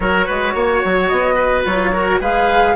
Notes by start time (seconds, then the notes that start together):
0.00 F#3 F#4 A#4 C#5
0.26 G#3 B4
0.54 A#3 C#5
0.84 F#3
1.07 B3 D#5
1.35 B4
1.65 F#3 F4 C#5
1.92 F#4 A#4
2.20 G#3 G#4 B4 F5